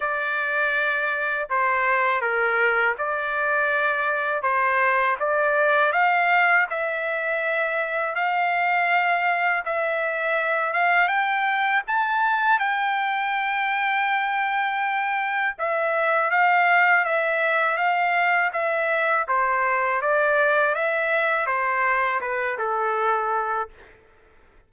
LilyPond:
\new Staff \with { instrumentName = "trumpet" } { \time 4/4 \tempo 4 = 81 d''2 c''4 ais'4 | d''2 c''4 d''4 | f''4 e''2 f''4~ | f''4 e''4. f''8 g''4 |
a''4 g''2.~ | g''4 e''4 f''4 e''4 | f''4 e''4 c''4 d''4 | e''4 c''4 b'8 a'4. | }